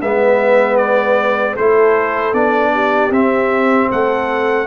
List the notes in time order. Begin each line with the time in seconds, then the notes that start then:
0.00 G#3 B3 B4 E5
0.76 D5
1.53 A3 E4 A4 C5
2.33 B3 D4 D5
2.73 G4
3.10 C4 E5
3.90 A3 A4 F#5